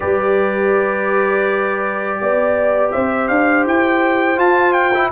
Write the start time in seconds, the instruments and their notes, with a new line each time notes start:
0.00 tuba G3, trombone G4, horn B4, trumpet D5
2.21 tuba B3, horn D5
2.91 tuba C4, horn C5, trumpet E5
3.28 tuba D4, trumpet F5
3.65 tuba E4, trumpet G5
4.36 trombone F4, tuba F4, trumpet A5
4.73 trumpet G5
4.94 trombone E4